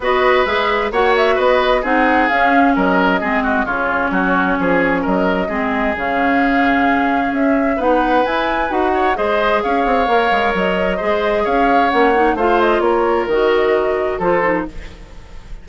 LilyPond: <<
  \new Staff \with { instrumentName = "flute" } { \time 4/4 \tempo 4 = 131 dis''4 e''4 fis''8 e''8 dis''4 | fis''4 f''4 dis''2 | cis''2. dis''4~ | dis''4 f''2. |
e''4 fis''4 gis''4 fis''4 | dis''4 f''2 dis''4~ | dis''4 f''4 fis''4 f''8 dis''8 | cis''4 dis''2 c''4 | }
  \new Staff \with { instrumentName = "oboe" } { \time 4/4 b'2 cis''4 b'4 | gis'2 ais'4 gis'8 fis'8 | f'4 fis'4 gis'4 ais'4 | gis'1~ |
gis'4 b'2~ b'8 cis''8 | c''4 cis''2. | c''4 cis''2 c''4 | ais'2. a'4 | }
  \new Staff \with { instrumentName = "clarinet" } { \time 4/4 fis'4 gis'4 fis'2 | dis'4 cis'2 c'4 | cis'1 | c'4 cis'2.~ |
cis'4 dis'4 e'4 fis'4 | gis'2 ais'2 | gis'2 cis'8 dis'8 f'4~ | f'4 fis'2 f'8 dis'8 | }
  \new Staff \with { instrumentName = "bassoon" } { \time 4/4 b4 gis4 ais4 b4 | c'4 cis'4 fis4 gis4 | cis4 fis4 f4 fis4 | gis4 cis2. |
cis'4 b4 e'4 dis'4 | gis4 cis'8 c'8 ais8 gis8 fis4 | gis4 cis'4 ais4 a4 | ais4 dis2 f4 | }
>>